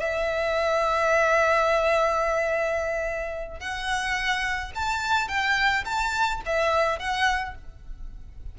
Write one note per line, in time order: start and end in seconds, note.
0.00 3.60 E5
3.60 4.72 F#5
4.75 5.28 A5
5.28 5.84 G5
5.85 6.41 A5
6.46 6.99 E5
6.99 7.55 F#5